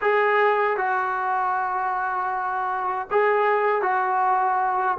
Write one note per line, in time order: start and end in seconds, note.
0.01 0.77 G#4
0.77 3.08 F#4
3.10 3.82 G#4
3.82 4.97 F#4